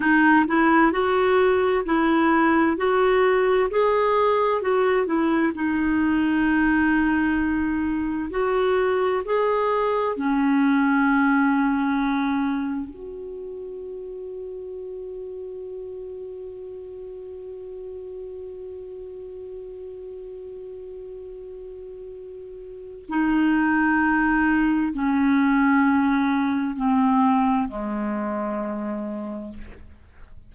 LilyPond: \new Staff \with { instrumentName = "clarinet" } { \time 4/4 \tempo 4 = 65 dis'8 e'8 fis'4 e'4 fis'4 | gis'4 fis'8 e'8 dis'2~ | dis'4 fis'4 gis'4 cis'4~ | cis'2 fis'2~ |
fis'1~ | fis'1~ | fis'4 dis'2 cis'4~ | cis'4 c'4 gis2 | }